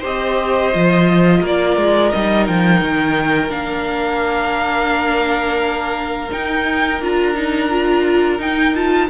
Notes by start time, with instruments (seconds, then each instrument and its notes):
0.00 cello C4, viola G4, violin C5
0.06 violin D#5
0.73 cello F3, viola F4
1.42 cello A#3, violin A#4 D5
1.77 cello G#3
2.12 cello G3, viola D#4, violin D#5
2.47 cello F3, violin G5
2.82 cello D#3
3.50 cello A#3, viola D4, violin F5
6.32 viola D#4, cello D#4, violin G5
7.01 cello D4, viola F4, violin A#5
7.35 viola D#4
7.70 viola F4
8.39 viola D#4, cello D#4, violin G5
8.75 viola F4, violin A5